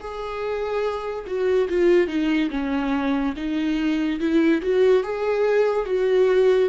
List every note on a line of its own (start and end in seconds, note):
0.00 1.25 G#4
1.27 1.68 F#4
1.69 2.07 F4
2.07 2.49 D#4
2.50 3.34 C#4
3.36 4.19 D#4
4.20 4.61 E4
4.62 5.03 F#4
5.03 5.86 G#4
5.86 6.69 F#4